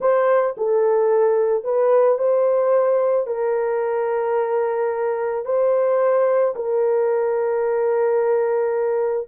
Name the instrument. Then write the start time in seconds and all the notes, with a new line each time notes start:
horn
0.00 C5
0.57 A4
1.64 B4
2.18 C5
3.27 A#4
5.45 C5
6.55 A#4